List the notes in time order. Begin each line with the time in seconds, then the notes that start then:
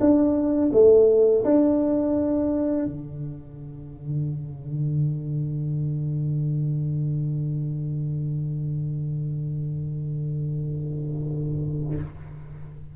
0.00 D4
0.73 A3
1.45 D4
2.85 D3